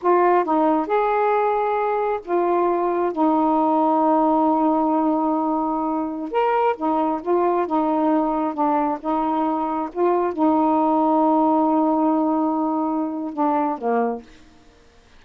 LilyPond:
\new Staff \with { instrumentName = "saxophone" } { \time 4/4 \tempo 4 = 135 f'4 dis'4 gis'2~ | gis'4 f'2 dis'4~ | dis'1~ | dis'2~ dis'16 ais'4 dis'8.~ |
dis'16 f'4 dis'2 d'8.~ | d'16 dis'2 f'4 dis'8.~ | dis'1~ | dis'2 d'4 ais4 | }